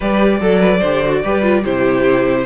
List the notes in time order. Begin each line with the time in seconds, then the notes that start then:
0.00 G3 G4 B4 D5
0.40 F#3 A4
0.60 B4
0.79 D3 G4 C5
1.04 F#4
1.23 G3 G4 B4
1.42 F4
1.64 C3 E4 G4 C5